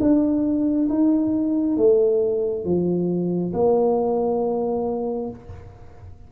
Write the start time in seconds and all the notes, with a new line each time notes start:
0.00 D4
0.89 D#4
1.77 A3
2.65 F3
3.53 A#3